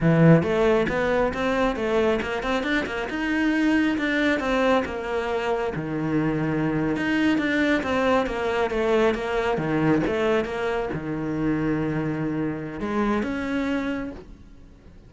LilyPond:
\new Staff \with { instrumentName = "cello" } { \time 4/4 \tempo 4 = 136 e4 a4 b4 c'4 | a4 ais8 c'8 d'8 ais8 dis'4~ | dis'4 d'4 c'4 ais4~ | ais4 dis2~ dis8. dis'16~ |
dis'8. d'4 c'4 ais4 a16~ | a8. ais4 dis4 a4 ais16~ | ais8. dis2.~ dis16~ | dis4 gis4 cis'2 | }